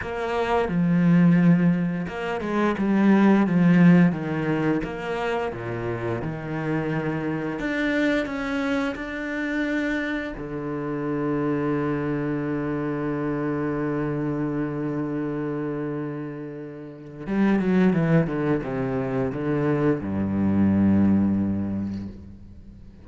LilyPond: \new Staff \with { instrumentName = "cello" } { \time 4/4 \tempo 4 = 87 ais4 f2 ais8 gis8 | g4 f4 dis4 ais4 | ais,4 dis2 d'4 | cis'4 d'2 d4~ |
d1~ | d1~ | d4 g8 fis8 e8 d8 c4 | d4 g,2. | }